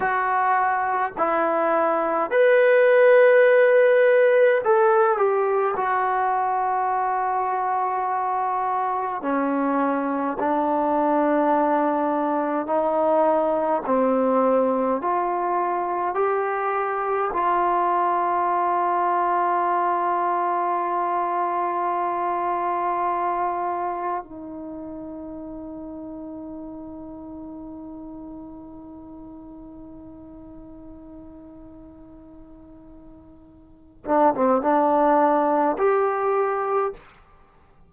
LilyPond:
\new Staff \with { instrumentName = "trombone" } { \time 4/4 \tempo 4 = 52 fis'4 e'4 b'2 | a'8 g'8 fis'2. | cis'4 d'2 dis'4 | c'4 f'4 g'4 f'4~ |
f'1~ | f'4 dis'2.~ | dis'1~ | dis'4. d'16 c'16 d'4 g'4 | }